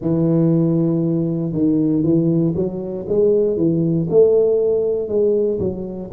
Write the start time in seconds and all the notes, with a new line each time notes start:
0.00 E3
1.52 D#3
2.03 E3
2.55 F#3
3.08 G#3
3.56 E3
4.09 A3
5.08 G#3
5.59 F#3